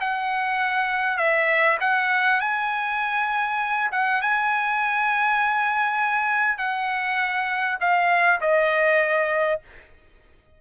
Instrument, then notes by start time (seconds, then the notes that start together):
trumpet
0.00 F#5
1.17 E5
1.80 F#5
2.40 G#5
3.91 F#5
4.21 G#5
6.58 F#5
7.80 F5
8.40 D#5